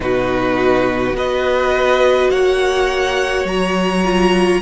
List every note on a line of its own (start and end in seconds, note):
0.00 1.13 B2
0.00 1.13 D#4
0.00 1.16 F#4
0.00 1.16 B4
1.13 2.28 B3
1.13 4.01 F#4
1.13 2.30 B4
1.13 2.31 D#5
2.30 3.44 A#3
2.30 4.61 C#5
2.30 3.46 F#5
3.44 4.59 F#3
3.44 4.62 A#5
4.04 4.62 F4